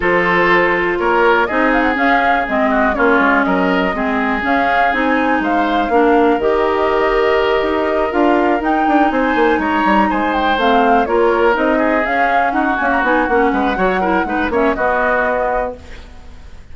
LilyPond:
<<
  \new Staff \with { instrumentName = "flute" } { \time 4/4 \tempo 4 = 122 c''2 cis''4 dis''8 f''16 fis''16 | f''4 dis''4 cis''4 dis''4~ | dis''4 f''4 gis''4 f''4~ | f''4 dis''2.~ |
dis''8 f''4 g''4 gis''4 ais''8~ | ais''8 gis''8 g''8 f''4 cis''4 dis''8~ | dis''8 f''4 fis''8 gis''16 ais''16 gis''8 fis''4~ | fis''4. e''8 dis''2 | }
  \new Staff \with { instrumentName = "oboe" } { \time 4/4 a'2 ais'4 gis'4~ | gis'4. fis'8 f'4 ais'4 | gis'2. c''4 | ais'1~ |
ais'2~ ais'8 c''4 cis''8~ | cis''8 c''2 ais'4. | gis'4. fis'2 b'8 | cis''8 ais'8 b'8 cis''8 fis'2 | }
  \new Staff \with { instrumentName = "clarinet" } { \time 4/4 f'2. dis'4 | cis'4 c'4 cis'2 | c'4 cis'4 dis'2 | d'4 g'2.~ |
g'8 f'4 dis'2~ dis'8~ | dis'4. c'4 f'4 dis'8~ | dis'8 cis'4. ais8 dis'8 cis'4 | fis'8 e'8 dis'8 cis'8 b2 | }
  \new Staff \with { instrumentName = "bassoon" } { \time 4/4 f2 ais4 c'4 | cis'4 gis4 ais8 gis8 fis4 | gis4 cis'4 c'4 gis4 | ais4 dis2~ dis8 dis'8~ |
dis'8 d'4 dis'8 d'8 c'8 ais8 gis8 | g8 gis4 a4 ais4 c'8~ | c'8 cis'4 dis'8 cis'8 b8 ais8 gis8 | fis4 gis8 ais8 b2 | }
>>